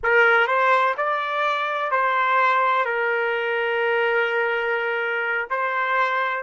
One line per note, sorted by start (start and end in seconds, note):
0.03 0.47 A#4
0.47 0.94 C5
0.97 1.91 D5
1.91 2.85 C5
2.85 5.47 A#4
5.49 6.43 C5